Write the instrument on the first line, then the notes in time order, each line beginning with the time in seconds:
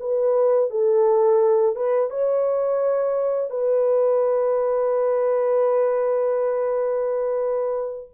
horn
0.00 B4
0.70 A4
1.76 B4
2.10 C#5
3.50 B4